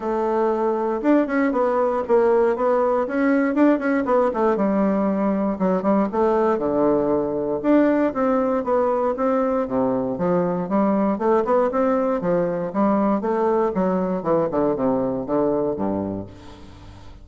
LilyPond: \new Staff \with { instrumentName = "bassoon" } { \time 4/4 \tempo 4 = 118 a2 d'8 cis'8 b4 | ais4 b4 cis'4 d'8 cis'8 | b8 a8 g2 fis8 g8 | a4 d2 d'4 |
c'4 b4 c'4 c4 | f4 g4 a8 b8 c'4 | f4 g4 a4 fis4 | e8 d8 c4 d4 g,4 | }